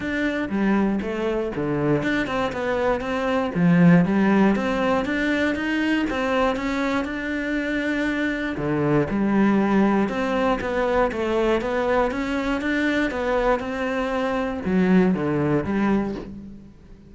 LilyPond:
\new Staff \with { instrumentName = "cello" } { \time 4/4 \tempo 4 = 119 d'4 g4 a4 d4 | d'8 c'8 b4 c'4 f4 | g4 c'4 d'4 dis'4 | c'4 cis'4 d'2~ |
d'4 d4 g2 | c'4 b4 a4 b4 | cis'4 d'4 b4 c'4~ | c'4 fis4 d4 g4 | }